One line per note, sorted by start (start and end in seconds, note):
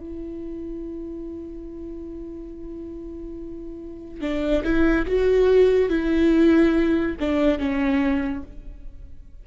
0.00 4.21 E4
4.21 4.64 D4
4.64 5.06 E4
5.07 5.90 F#4
5.90 7.16 E4
7.20 7.59 D4
7.59 8.44 C#4